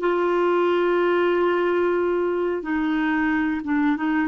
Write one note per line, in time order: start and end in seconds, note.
0.00 2.62 F4
2.62 3.61 D#4
3.64 3.97 D4
3.97 4.28 D#4